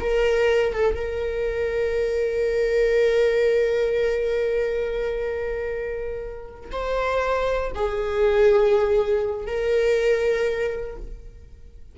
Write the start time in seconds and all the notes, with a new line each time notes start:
0.00 A#4
0.73 A4
0.95 A#4
6.72 C5
7.75 G#4
9.46 A#4